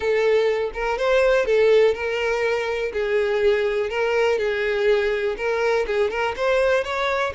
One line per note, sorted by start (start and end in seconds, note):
0.00 0.70 A4
0.73 0.98 A#4
0.98 1.45 C5
1.45 1.94 A4
1.94 2.92 A#4
2.92 3.89 G#4
3.89 4.38 A#4
4.38 5.35 G#4
5.37 5.86 A#4
5.87 6.10 G#4
6.10 6.35 A#4
6.36 6.83 C5
6.83 7.32 C#5